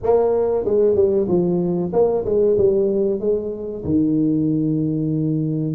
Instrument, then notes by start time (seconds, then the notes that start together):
tuba
0.02 A#3
0.64 G#3
0.95 G3
1.28 F3
1.93 A#3
2.25 G#3
2.57 G3
3.20 G#3
3.84 D#3